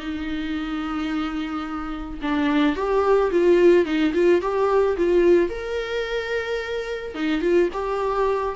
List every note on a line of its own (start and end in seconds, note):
0.00 2.20 D#4
2.22 2.76 D4
2.76 3.31 G4
3.31 3.86 F4
3.86 4.13 D#4
4.14 4.42 F4
4.42 4.97 G4
4.97 5.50 F4
5.50 7.15 A#4
7.15 7.42 D#4
7.42 7.69 F4
7.73 8.56 G4